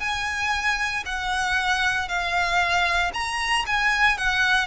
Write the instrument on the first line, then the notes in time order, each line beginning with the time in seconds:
violin
0.00 G#5
1.06 F#5
2.08 F5
3.13 A#5
3.66 G#5
4.18 F#5